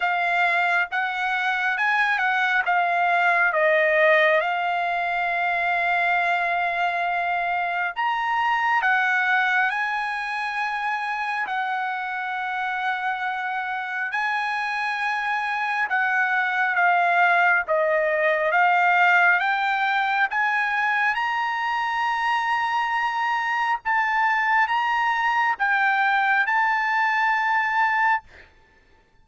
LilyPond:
\new Staff \with { instrumentName = "trumpet" } { \time 4/4 \tempo 4 = 68 f''4 fis''4 gis''8 fis''8 f''4 | dis''4 f''2.~ | f''4 ais''4 fis''4 gis''4~ | gis''4 fis''2. |
gis''2 fis''4 f''4 | dis''4 f''4 g''4 gis''4 | ais''2. a''4 | ais''4 g''4 a''2 | }